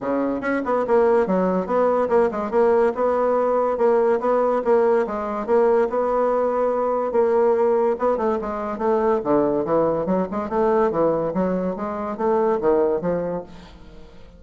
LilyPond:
\new Staff \with { instrumentName = "bassoon" } { \time 4/4 \tempo 4 = 143 cis4 cis'8 b8 ais4 fis4 | b4 ais8 gis8 ais4 b4~ | b4 ais4 b4 ais4 | gis4 ais4 b2~ |
b4 ais2 b8 a8 | gis4 a4 d4 e4 | fis8 gis8 a4 e4 fis4 | gis4 a4 dis4 f4 | }